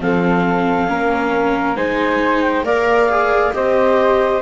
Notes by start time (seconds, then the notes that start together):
0.00 F3 C4 A4 F5
0.87 A#3 C#4 A#4
1.76 G#3 D#4 C5 G#5
2.42 G5
2.64 A#3 A#4 D5 F5
3.10 G#4
3.53 C4 G4 C5 D#5